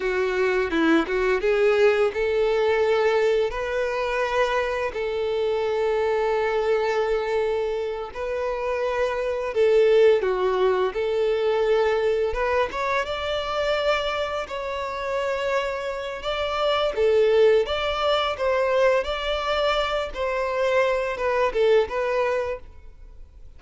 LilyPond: \new Staff \with { instrumentName = "violin" } { \time 4/4 \tempo 4 = 85 fis'4 e'8 fis'8 gis'4 a'4~ | a'4 b'2 a'4~ | a'2.~ a'8 b'8~ | b'4. a'4 fis'4 a'8~ |
a'4. b'8 cis''8 d''4.~ | d''8 cis''2~ cis''8 d''4 | a'4 d''4 c''4 d''4~ | d''8 c''4. b'8 a'8 b'4 | }